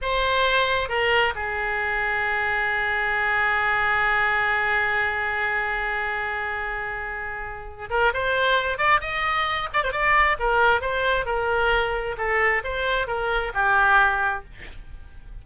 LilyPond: \new Staff \with { instrumentName = "oboe" } { \time 4/4 \tempo 4 = 133 c''2 ais'4 gis'4~ | gis'1~ | gis'1~ | gis'1~ |
gis'4. ais'8 c''4. d''8 | dis''4. d''16 c''16 d''4 ais'4 | c''4 ais'2 a'4 | c''4 ais'4 g'2 | }